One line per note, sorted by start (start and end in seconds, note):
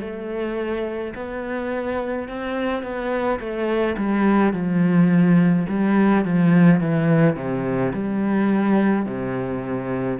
0.00 1.13 A3
1.15 2.28 B3
2.28 2.83 C4
2.83 3.39 B3
3.39 3.96 A3
3.97 4.53 G3
4.53 5.66 F3
5.69 6.25 G3
6.25 6.80 F3
6.80 7.36 E3
7.36 7.92 C3
7.93 9.05 G3
9.05 10.18 C3